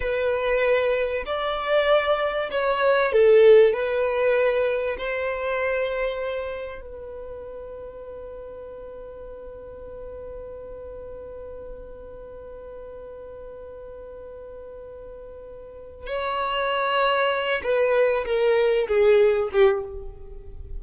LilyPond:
\new Staff \with { instrumentName = "violin" } { \time 4/4 \tempo 4 = 97 b'2 d''2 | cis''4 a'4 b'2 | c''2. b'4~ | b'1~ |
b'1~ | b'1~ | b'2 cis''2~ | cis''8 b'4 ais'4 gis'4 g'8 | }